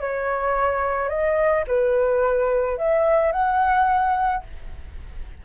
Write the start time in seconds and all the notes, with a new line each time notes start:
0.00 C#5
1.09 D#5
1.67 B4
2.77 E5
3.32 F#5